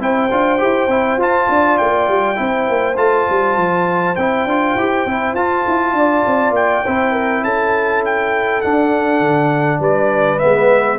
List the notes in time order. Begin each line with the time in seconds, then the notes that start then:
0.00 C4 E4 C5 G5
0.31 D4 F4
0.59 E4 G4
0.87 C4 E4
1.17 F4 A5
1.49 D4 D5
1.78 A#3 G5
2.08 G3
2.36 C4 E4 C5
2.69 A#3
2.97 A3 F4 A5
3.30 G3
3.57 F3
4.16 C4 E4 G5
4.45 D4 F4
4.75 E4 G4
5.06 C4 E4
5.34 F4 A5
5.68 E4
5.93 D4 D5
6.27 C4
6.51 A#3 G5
6.85 C4 E4 C5
7.12 A#4
7.43 C#4 A4 A5
8.05 G5
8.62 D4 F#5
9.20 D3
9.80 G3 B4 D5
10.39 G#3 B3 E5